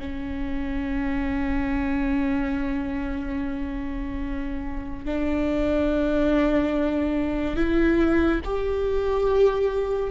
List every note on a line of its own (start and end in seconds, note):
0.00 5.06 C#4
5.06 7.56 D4
7.56 8.41 E4
8.45 10.11 G4